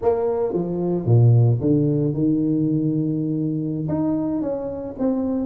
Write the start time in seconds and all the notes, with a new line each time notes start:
0.01 A#3
0.53 F3
1.05 A#2
1.60 D3
2.13 D#3
3.88 D#4
4.41 C#4
4.98 C4